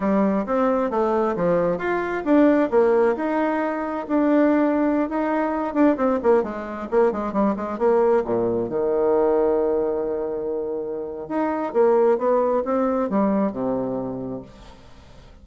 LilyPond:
\new Staff \with { instrumentName = "bassoon" } { \time 4/4 \tempo 4 = 133 g4 c'4 a4 f4 | f'4 d'4 ais4 dis'4~ | dis'4 d'2~ d'16 dis'8.~ | dis'8. d'8 c'8 ais8 gis4 ais8 gis16~ |
gis16 g8 gis8 ais4 ais,4 dis8.~ | dis1~ | dis4 dis'4 ais4 b4 | c'4 g4 c2 | }